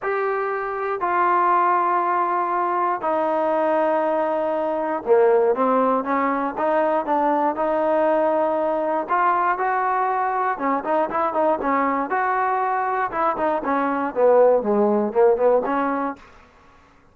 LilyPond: \new Staff \with { instrumentName = "trombone" } { \time 4/4 \tempo 4 = 119 g'2 f'2~ | f'2 dis'2~ | dis'2 ais4 c'4 | cis'4 dis'4 d'4 dis'4~ |
dis'2 f'4 fis'4~ | fis'4 cis'8 dis'8 e'8 dis'8 cis'4 | fis'2 e'8 dis'8 cis'4 | b4 gis4 ais8 b8 cis'4 | }